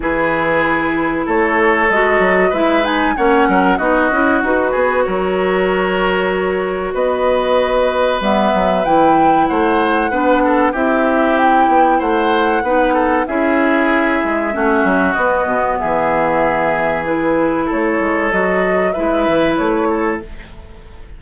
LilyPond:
<<
  \new Staff \with { instrumentName = "flute" } { \time 4/4 \tempo 4 = 95 b'2 cis''4 dis''4 | e''8 gis''8 fis''4 dis''4 b'4 | cis''2. dis''4~ | dis''4 e''4 g''4 fis''4~ |
fis''4 e''4 g''4 fis''4~ | fis''4 e''2. | dis''4 e''2 b'4 | cis''4 dis''4 e''4 cis''4 | }
  \new Staff \with { instrumentName = "oboe" } { \time 4/4 gis'2 a'2 | b'4 cis''8 ais'8 fis'4. gis'8 | ais'2. b'4~ | b'2. c''4 |
b'8 a'8 g'2 c''4 | b'8 a'8 gis'2 fis'4~ | fis'4 gis'2. | a'2 b'4. a'8 | }
  \new Staff \with { instrumentName = "clarinet" } { \time 4/4 e'2. fis'4 | e'8 dis'8 cis'4 dis'8 e'8 fis'4~ | fis'1~ | fis'4 b4 e'2 |
d'4 e'2. | dis'4 e'2 cis'4 | b2. e'4~ | e'4 fis'4 e'2 | }
  \new Staff \with { instrumentName = "bassoon" } { \time 4/4 e2 a4 gis8 fis8 | gis4 ais8 fis8 b8 cis'8 dis'8 b8 | fis2. b4~ | b4 g8 fis8 e4 a4 |
b4 c'4. b8 a4 | b4 cis'4. gis8 a8 fis8 | b8 b,8 e2. | a8 gis8 fis4 gis8 e8 a4 | }
>>